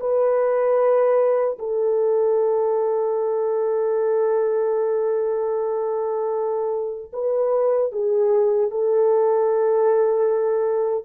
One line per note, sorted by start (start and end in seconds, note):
0.00 1.58 B4
1.59 7.12 A4
7.13 7.92 B4
7.92 8.71 G#4
8.71 11.05 A4